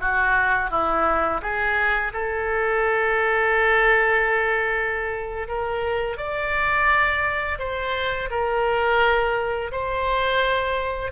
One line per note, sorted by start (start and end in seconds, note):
0.00 0.70 F#4
0.70 1.41 E4
1.42 2.12 G#4
2.13 5.48 A4
5.48 6.17 A#4
6.17 7.58 D5
7.59 8.29 C5
8.30 9.71 A#4
9.72 11.11 C5